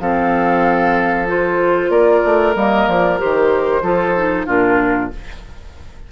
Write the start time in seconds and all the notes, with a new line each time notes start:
0.00 F3 C4 A4 F5
1.27 F4 C5
1.89 A#3 A#4 D5
2.25 A3
2.55 G3 A#3 D#5
2.87 F3 D5
3.18 D#3 G4 C5
3.82 F3 F4 A4
4.16 D#4
4.46 A#2 D4 F4 A#4